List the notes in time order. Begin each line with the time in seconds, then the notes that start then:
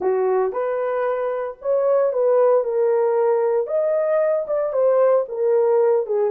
0.00 F#4
0.52 B4
1.61 C#5
2.12 B4
2.64 A#4
3.66 D#5
4.47 D5
4.72 C5
5.28 A#4
6.06 G#4